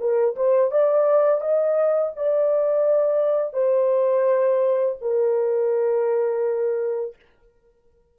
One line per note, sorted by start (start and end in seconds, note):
0.00 0.36 A#4
0.36 0.71 C5
0.71 1.41 D5
1.41 2.12 D#5
2.16 3.53 D5
3.53 4.96 C5
5.02 7.16 A#4